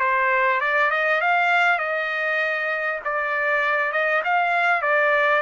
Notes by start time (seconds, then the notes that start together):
0.00 C5
0.61 D5
0.91 D#5
1.21 F5
1.79 D#5
3.05 D5
3.92 D#5
4.24 F5
4.82 D5